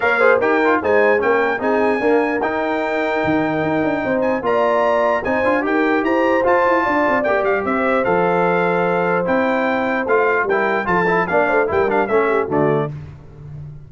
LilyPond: <<
  \new Staff \with { instrumentName = "trumpet" } { \time 4/4 \tempo 4 = 149 f''4 g''4 gis''4 g''4 | gis''2 g''2~ | g''2~ g''8 gis''8 ais''4~ | ais''4 gis''4 g''4 ais''4 |
a''2 g''8 f''8 e''4 | f''2. g''4~ | g''4 f''4 g''4 a''4 | f''4 g''8 f''8 e''4 d''4 | }
  \new Staff \with { instrumentName = "horn" } { \time 4/4 cis''8 c''8 ais'4 c''4 ais'4 | gis'4 ais'2.~ | ais'2 c''4 d''4~ | d''4 c''4 ais'4 c''4~ |
c''4 d''2 c''4~ | c''1~ | c''2 ais'4 a'4 | d''8 c''8 ais'4 a'8 g'8 fis'4 | }
  \new Staff \with { instrumentName = "trombone" } { \time 4/4 ais'8 gis'8 g'8 f'8 dis'4 cis'4 | dis'4 ais4 dis'2~ | dis'2. f'4~ | f'4 dis'8 f'8 g'2 |
f'2 g'2 | a'2. e'4~ | e'4 f'4 e'4 f'8 e'8 | d'4 e'8 d'8 cis'4 a4 | }
  \new Staff \with { instrumentName = "tuba" } { \time 4/4 ais4 dis'4 gis4 ais4 | c'4 d'4 dis'2 | dis4 dis'8 d'8 c'4 ais4~ | ais4 c'8 d'8 dis'4 e'4 |
f'8 e'8 d'8 c'8 ais8 g8 c'4 | f2. c'4~ | c'4 a4 g4 f4 | ais8 a8 g4 a4 d4 | }
>>